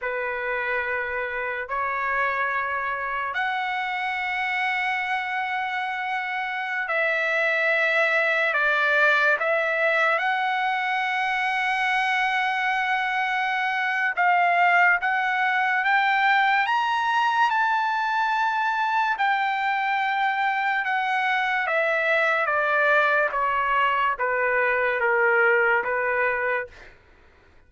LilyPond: \new Staff \with { instrumentName = "trumpet" } { \time 4/4 \tempo 4 = 72 b'2 cis''2 | fis''1~ | fis''16 e''2 d''4 e''8.~ | e''16 fis''2.~ fis''8.~ |
fis''4 f''4 fis''4 g''4 | ais''4 a''2 g''4~ | g''4 fis''4 e''4 d''4 | cis''4 b'4 ais'4 b'4 | }